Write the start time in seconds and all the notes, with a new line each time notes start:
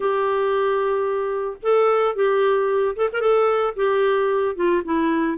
0.00 G4
1.62 A4
2.15 G4
2.96 A4
3.12 A#4
3.20 A4
3.76 G4
4.55 F4
4.84 E4